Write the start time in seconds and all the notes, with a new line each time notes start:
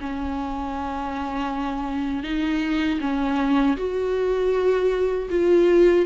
0.00 C#4
2.23 D#4
3.00 C#4
3.76 F#4
5.30 F4